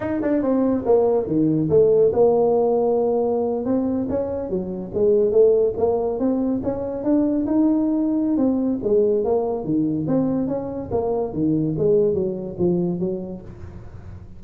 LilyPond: \new Staff \with { instrumentName = "tuba" } { \time 4/4 \tempo 4 = 143 dis'8 d'8 c'4 ais4 dis4 | a4 ais2.~ | ais8. c'4 cis'4 fis4 gis16~ | gis8. a4 ais4 c'4 cis'16~ |
cis'8. d'4 dis'2~ dis'16 | c'4 gis4 ais4 dis4 | c'4 cis'4 ais4 dis4 | gis4 fis4 f4 fis4 | }